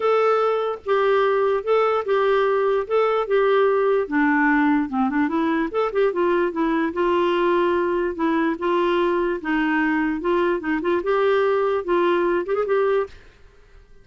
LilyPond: \new Staff \with { instrumentName = "clarinet" } { \time 4/4 \tempo 4 = 147 a'2 g'2 | a'4 g'2 a'4 | g'2 d'2 | c'8 d'8 e'4 a'8 g'8 f'4 |
e'4 f'2. | e'4 f'2 dis'4~ | dis'4 f'4 dis'8 f'8 g'4~ | g'4 f'4. g'16 gis'16 g'4 | }